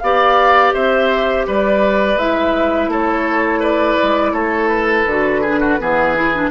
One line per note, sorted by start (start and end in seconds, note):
0.00 0.74 B3
0.00 2.19 G4
0.00 0.74 D5
0.00 0.72 F5
0.73 1.47 C4
0.73 1.47 C5
0.73 1.46 E5
1.47 2.16 G3
1.47 2.91 B4
1.47 2.18 D5
2.16 2.88 G#3
2.16 5.08 E4
2.16 2.90 E5
2.88 3.96 A3
2.88 3.60 A4
2.88 3.63 C#5
3.60 4.32 B4
3.60 4.35 D5
4.03 4.32 G#3
4.32 5.05 A3
4.32 5.41 A4
4.32 4.68 C#5
4.68 6.49 B4
5.06 5.78 D3
5.06 5.45 F#4
5.41 5.79 D4
5.41 5.59 G#4
5.61 5.79 F#4
5.79 6.51 E3
5.79 6.15 B3
5.79 6.51 G#4
6.15 6.33 E4
6.34 6.51 D4